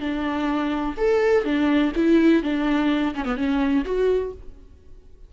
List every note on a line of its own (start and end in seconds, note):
0.00 0.95 D4
0.97 1.44 A4
1.44 1.92 D4
1.95 2.43 E4
2.43 3.14 D4
3.15 3.25 C#4
3.25 3.37 B3
3.37 3.84 C#4
3.84 4.32 F#4